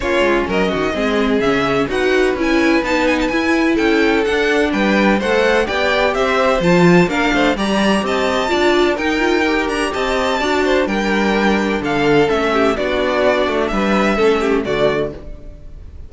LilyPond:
<<
  \new Staff \with { instrumentName = "violin" } { \time 4/4 \tempo 4 = 127 cis''4 dis''2 e''4 | fis''4 gis''4 a''8 gis''16 a''16 gis''4 | g''4 fis''4 g''4 fis''4 | g''4 e''4 a''4 f''4 |
ais''4 a''2 g''4~ | g''8 ais''8 a''2 g''4~ | g''4 f''4 e''4 d''4~ | d''4 e''2 d''4 | }
  \new Staff \with { instrumentName = "violin" } { \time 4/4 f'4 ais'8 fis'8 gis'2 | b'1 | a'2 b'4 c''4 | d''4 c''2 ais'8 c''8 |
d''4 dis''4 d''4 ais'4~ | ais'4 dis''4 d''8 c''8 ais'4~ | ais'4 a'4. g'8 fis'4~ | fis'4 b'4 a'8 g'8 fis'4 | }
  \new Staff \with { instrumentName = "viola" } { \time 4/4 cis'2 c'4 cis'4 | fis'4 e'4 dis'4 e'4~ | e'4 d'2 a'4 | g'2 f'4 d'4 |
g'2 f'4 dis'8 f'8 | g'2 fis'4 d'4~ | d'2 cis'4 d'4~ | d'2 cis'4 a4 | }
  \new Staff \with { instrumentName = "cello" } { \time 4/4 ais8 gis8 fis8 dis8 gis4 cis4 | dis'4 cis'4 b4 e'4 | cis'4 d'4 g4 a4 | b4 c'4 f4 ais8 a8 |
g4 c'4 d'4 dis'4~ | dis'8 d'8 c'4 d'4 g4~ | g4 d4 a4 b4~ | b8 a8 g4 a4 d4 | }
>>